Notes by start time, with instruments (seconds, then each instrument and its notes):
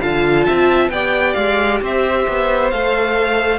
0.00 cello D3, viola F4, violin F5 A5
0.46 cello C4, violin E5
0.89 cello B3, viola G4, violin D5 G5
1.34 cello G#3, violin F5
1.82 cello C4, violin C5 E5
2.28 cello B3
2.70 cello A3, viola A4, violin F5